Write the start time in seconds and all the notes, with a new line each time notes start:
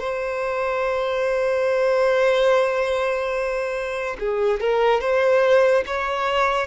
0.00 C5
4.19 G#4
4.61 A#4
5.01 C5
5.86 C#5